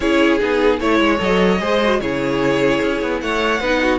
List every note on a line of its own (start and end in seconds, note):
0.00 0.40 C#4
0.00 0.40 E4
0.00 0.80 G#4
0.00 0.38 C#5
0.40 0.80 B3
0.40 0.80 D#4
0.40 0.80 G#4
0.80 0.99 A3
0.80 1.18 E4
0.80 1.20 C#5
0.80 1.60 C#5
0.99 1.19 G#3
1.18 1.60 F#3
1.18 1.58 A4
1.18 2.00 D#5
1.59 2.00 G#3
1.59 1.79 G#4
1.59 2.00 C5
1.83 2.00 F#4
2.00 2.80 C#3
2.00 3.60 E4
2.00 3.21 G#4
2.00 3.20 C#5
2.81 3.01 C#4
3.01 3.21 B3
3.21 3.60 A3
3.21 3.60 C#5
3.21 3.98 F#5
3.60 3.98 B3
3.60 3.98 D#4
3.60 3.80 B4
3.82 3.98 F#4